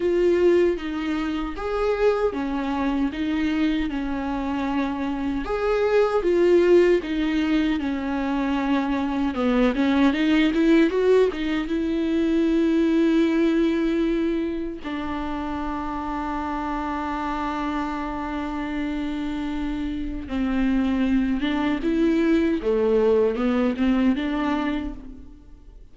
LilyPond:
\new Staff \with { instrumentName = "viola" } { \time 4/4 \tempo 4 = 77 f'4 dis'4 gis'4 cis'4 | dis'4 cis'2 gis'4 | f'4 dis'4 cis'2 | b8 cis'8 dis'8 e'8 fis'8 dis'8 e'4~ |
e'2. d'4~ | d'1~ | d'2 c'4. d'8 | e'4 a4 b8 c'8 d'4 | }